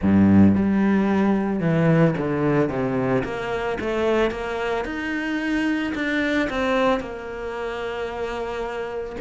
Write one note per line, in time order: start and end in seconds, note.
0.01 0.55 G2
0.55 1.60 G3
1.60 2.14 E3
2.17 2.69 D3
2.69 3.23 C3
3.24 3.78 A#3
3.80 4.30 A3
4.30 4.84 A#3
4.85 5.93 D#4
5.94 6.48 D4
6.49 7.00 C4
7.00 9.16 A#3